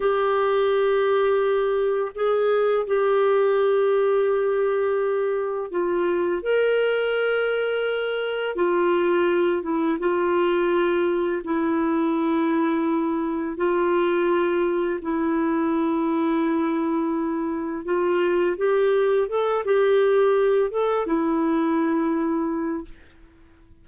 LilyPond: \new Staff \with { instrumentName = "clarinet" } { \time 4/4 \tempo 4 = 84 g'2. gis'4 | g'1 | f'4 ais'2. | f'4. e'8 f'2 |
e'2. f'4~ | f'4 e'2.~ | e'4 f'4 g'4 a'8 g'8~ | g'4 a'8 e'2~ e'8 | }